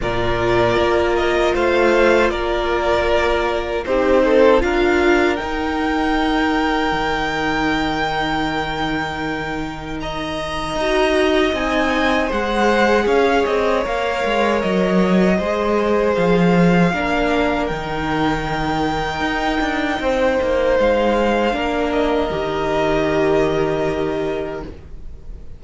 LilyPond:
<<
  \new Staff \with { instrumentName = "violin" } { \time 4/4 \tempo 4 = 78 d''4. dis''8 f''4 d''4~ | d''4 c''4 f''4 g''4~ | g''1~ | g''4 ais''2 gis''4 |
fis''4 f''8 dis''8 f''4 dis''4~ | dis''4 f''2 g''4~ | g''2. f''4~ | f''8 dis''2.~ dis''8 | }
  \new Staff \with { instrumentName = "violin" } { \time 4/4 ais'2 c''4 ais'4~ | ais'4 g'8 a'8 ais'2~ | ais'1~ | ais'4 dis''2. |
c''4 cis''2. | c''2 ais'2~ | ais'2 c''2 | ais'1 | }
  \new Staff \with { instrumentName = "viola" } { \time 4/4 f'1~ | f'4 dis'4 f'4 dis'4~ | dis'1~ | dis'2 fis'4 dis'4 |
gis'2 ais'2 | gis'2 d'4 dis'4~ | dis'1 | d'4 g'2. | }
  \new Staff \with { instrumentName = "cello" } { \time 4/4 ais,4 ais4 a4 ais4~ | ais4 c'4 d'4 dis'4~ | dis'4 dis2.~ | dis2 dis'4 c'4 |
gis4 cis'8 c'8 ais8 gis8 fis4 | gis4 f4 ais4 dis4~ | dis4 dis'8 d'8 c'8 ais8 gis4 | ais4 dis2. | }
>>